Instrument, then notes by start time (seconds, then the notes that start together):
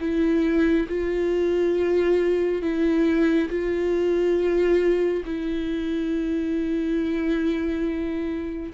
viola
0.00 E4
0.89 F4
2.62 E4
3.49 F4
5.25 E4